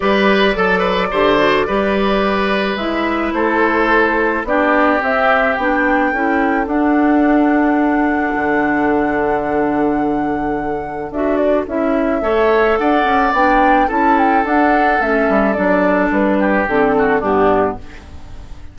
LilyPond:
<<
  \new Staff \with { instrumentName = "flute" } { \time 4/4 \tempo 4 = 108 d''1~ | d''4 e''4 c''2 | d''4 e''4 g''2 | fis''1~ |
fis''1 | e''8 d''8 e''2 fis''4 | g''4 a''8 g''8 fis''4 e''4 | d''4 b'4 a'4 g'4 | }
  \new Staff \with { instrumentName = "oboe" } { \time 4/4 b'4 a'8 b'8 c''4 b'4~ | b'2 a'2 | g'2. a'4~ | a'1~ |
a'1~ | a'2 cis''4 d''4~ | d''4 a'2.~ | a'4. g'4 fis'8 d'4 | }
  \new Staff \with { instrumentName = "clarinet" } { \time 4/4 g'4 a'4 g'8 fis'8 g'4~ | g'4 e'2. | d'4 c'4 d'4 e'4 | d'1~ |
d'1 | fis'4 e'4 a'2 | d'4 e'4 d'4 cis'4 | d'2 c'4 b4 | }
  \new Staff \with { instrumentName = "bassoon" } { \time 4/4 g4 fis4 d4 g4~ | g4 gis4 a2 | b4 c'4 b4 cis'4 | d'2. d4~ |
d1 | d'4 cis'4 a4 d'8 cis'8 | b4 cis'4 d'4 a8 g8 | fis4 g4 d4 g,4 | }
>>